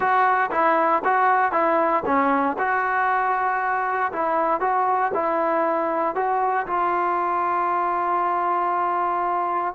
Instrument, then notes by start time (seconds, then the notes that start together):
trombone
0.00 F#4
0.51 E4
1.04 F#4
1.52 E4
2.05 C#4
2.58 F#4
4.12 E4
4.60 F#4
5.14 E4
6.15 F#4
6.66 F4